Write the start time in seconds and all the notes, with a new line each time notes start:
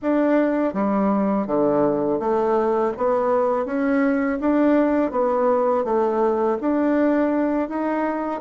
0.02 D4
0.73 G3
1.46 D3
2.20 A3
2.97 B3
3.65 C#4
4.40 D4
5.11 B3
5.84 A3
6.61 D4
7.68 D#4